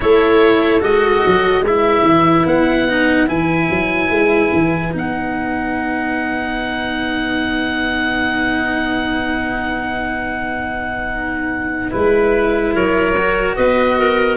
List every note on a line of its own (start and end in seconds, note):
0.00 0.81 A3
0.00 0.80 E4
0.00 1.64 A4
0.00 0.82 C#5
0.80 1.22 G#3
0.80 1.62 F#4
0.80 1.65 D#5
1.26 1.61 F#3
1.61 2.02 G#3
1.61 12.73 B4
1.61 2.47 E5
1.67 2.88 E4
2.04 2.45 E3
2.46 3.28 B3
2.46 3.28 F#5
2.88 3.27 D#4
3.27 3.69 E3
3.27 4.91 E4
3.27 4.93 G#5
3.70 4.09 F#3
4.09 4.50 G#3
4.53 4.94 E3
4.92 11.92 B3
4.92 11.91 D#4
4.92 11.91 F#5
11.91 12.73 G#3
11.91 13.14 E4
11.91 12.73 B4
12.73 13.56 F#3
12.73 13.56 A#4
12.73 13.56 C#5
13.17 14.37 F#4
13.56 14.37 B3
13.56 13.97 B4
13.56 14.37 D#5
13.98 14.37 A#4